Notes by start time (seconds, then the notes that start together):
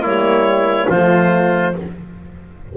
0.00 G3 A#3 E4 C#5
0.89 F3 A3 F4 C5